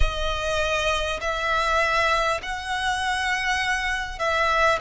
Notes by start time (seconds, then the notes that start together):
0.00 D#5
1.21 E5
2.42 F#5
4.18 E5